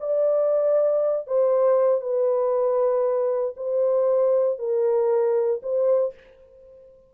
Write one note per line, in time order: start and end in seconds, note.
0.00 1.27 D5
1.27 2.01 C5
2.01 3.55 B4
3.57 4.59 C5
4.59 5.62 A#4
5.63 6.14 C5